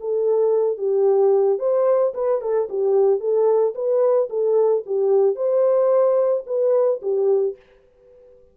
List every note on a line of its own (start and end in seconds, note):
0.00 0.78 A4
0.78 1.59 G4
1.59 2.13 C5
2.14 2.41 B4
2.41 2.68 A4
2.69 3.20 G4
3.20 3.74 A4
3.75 4.29 B4
4.29 4.84 A4
4.86 5.35 G4
5.35 6.43 C5
6.46 7.00 B4
7.02 7.56 G4